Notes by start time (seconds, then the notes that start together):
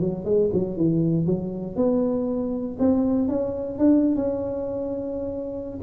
0.00 F#3
0.25 G#3
0.53 F#3
0.77 E3
1.26 F#3
1.76 B3
2.79 C4
3.29 C#4
3.78 D4
4.16 C#4